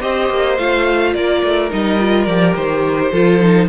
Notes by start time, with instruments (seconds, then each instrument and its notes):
0.00 cello C4, viola G4, violin C5 D#5
0.29 cello A#3
0.57 cello A3, viola F4, violin F5
1.13 cello A#3, violin A#4 D5
1.43 cello A3
1.70 cello G3, viola D#4, violin D#5
1.99 viola F4
2.25 cello F3, viola G4, violin D5
2.55 cello D#3, violin C5
3.11 cello F3, viola F4, violin A4
3.40 viola D#4